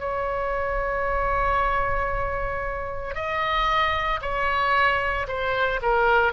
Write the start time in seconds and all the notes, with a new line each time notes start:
0.00 C#5
3.15 D#5
4.22 C#5
5.28 C5
5.82 A#4